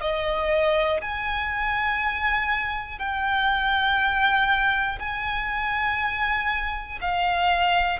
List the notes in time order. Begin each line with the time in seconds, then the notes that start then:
0.00 D#5
1.01 G#5
2.99 G5
4.99 G#5
7.01 F5